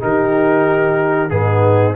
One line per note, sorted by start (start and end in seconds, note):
0.00 1.30 D#3
0.00 1.29 D#4
0.00 1.30 G4
0.00 1.30 A#4
1.30 1.95 G#2
1.30 1.94 B3
1.30 1.94 D#4
1.30 1.94 G#4